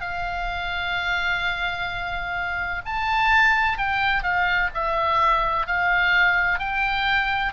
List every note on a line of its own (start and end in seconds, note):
0.00 2.81 F5
2.85 3.77 A5
3.77 4.22 G5
4.22 4.69 F5
4.74 5.66 E5
5.66 6.59 F5
6.59 7.53 G5